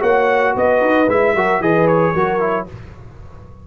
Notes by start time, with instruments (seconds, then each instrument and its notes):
0.00 tuba A#3, trombone F#4, horn C#5, trumpet F#5
0.56 tuba B3, horn B4, trumpet D#5
0.81 tuba D#4
1.08 tuba G#3, trombone E4, trumpet E5
1.35 tuba F#3, trombone F#4, horn A#4
1.61 tuba E3, trombone G#4, horn B4, trumpet D#5
1.87 trumpet C#5
2.14 tuba F#3, trombone F#4, horn A#4
2.40 trombone E4